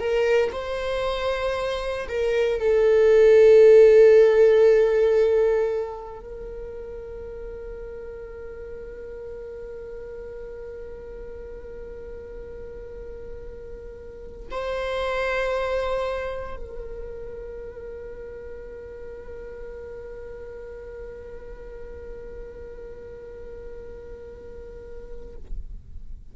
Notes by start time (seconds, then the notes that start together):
0.00 A#4
0.53 C5
2.08 A#4
2.60 A4
6.20 A#4
14.51 C5
16.57 A#4